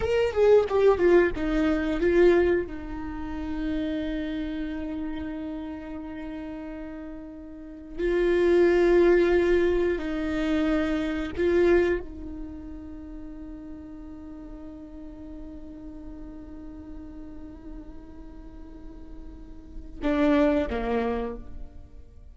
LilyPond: \new Staff \with { instrumentName = "viola" } { \time 4/4 \tempo 4 = 90 ais'8 gis'8 g'8 f'8 dis'4 f'4 | dis'1~ | dis'1 | f'2. dis'4~ |
dis'4 f'4 dis'2~ | dis'1~ | dis'1~ | dis'2 d'4 ais4 | }